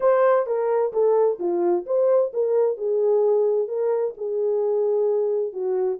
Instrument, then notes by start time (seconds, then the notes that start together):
horn
0.00 C5
0.46 A#4
0.92 A4
1.39 F4
1.86 C5
2.33 A#4
2.77 G#4
3.68 A#4
4.17 G#4
5.53 F#4